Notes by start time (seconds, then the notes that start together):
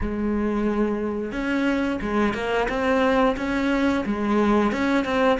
0.01 G#3
1.31 C#4
2.01 G#3
2.34 A#3
2.68 C4
3.36 C#4
4.05 G#3
4.72 C#4
5.04 C4